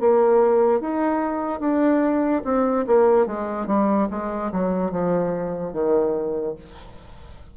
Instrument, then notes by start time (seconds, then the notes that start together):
bassoon
0.00 A#3
0.80 D#4
1.60 D4
2.44 C4
2.87 A#3
3.26 G#3
3.67 G3
4.10 G#3
4.52 F#3
4.91 F3
5.73 D#3